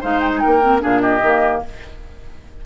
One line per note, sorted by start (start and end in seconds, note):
0.00 0.44 G#3
0.00 0.61 D#4
0.00 0.40 C5
0.00 0.20 F5
0.20 0.30 G5
0.36 0.82 A#4
0.36 0.79 G5
0.36 0.39 G#5
0.46 0.83 A#3
0.61 0.80 C4
0.80 1.22 A#2
0.80 1.20 D4
0.80 1.01 G#4
0.80 1.01 F5
1.01 1.62 G4
1.01 1.61 D#5
1.22 1.62 D#3
1.22 1.65 A#3